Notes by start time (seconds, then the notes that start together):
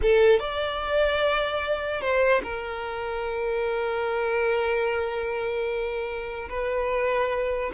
0.02 A4
0.39 D5
2.01 C5
2.43 A#4
6.49 B4